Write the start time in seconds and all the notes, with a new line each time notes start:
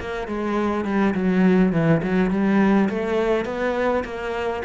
0.00 A#3
0.28 G#3
0.85 G3
1.15 F#3
1.73 E3
2.03 F#3
2.31 G3
2.89 A3
3.45 B3
4.05 A#3